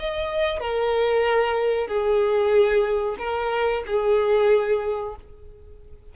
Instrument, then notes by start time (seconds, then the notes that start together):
violin
0.00 D#5
0.60 A#4
1.88 G#4
3.19 A#4
3.87 G#4